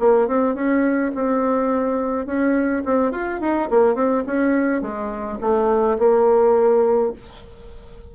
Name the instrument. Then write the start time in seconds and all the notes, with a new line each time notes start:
bassoon
0.00 A#3
0.28 C4
0.55 C#4
1.15 C4
2.26 C#4
2.85 C4
3.12 F4
3.41 D#4
3.70 A#3
3.95 C4
4.27 C#4
4.82 G#3
5.41 A3
5.99 A#3